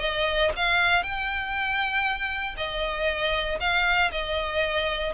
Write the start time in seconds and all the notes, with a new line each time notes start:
0.00 D#5
0.56 F5
1.04 G5
2.57 D#5
3.61 F5
4.12 D#5